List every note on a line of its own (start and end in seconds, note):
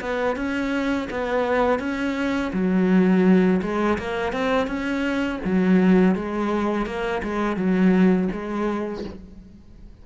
0.00 0.36 B3
0.36 1.08 C#4
1.10 1.79 B3
1.79 2.51 C#4
2.53 3.61 F#3
3.61 3.98 G#3
3.98 4.32 A#3
4.32 4.67 C4
4.67 5.39 C#4
5.44 6.15 F#3
6.15 6.85 G#3
6.85 7.22 A#3
7.23 7.56 G#3
7.56 8.28 F#3
8.32 9.04 G#3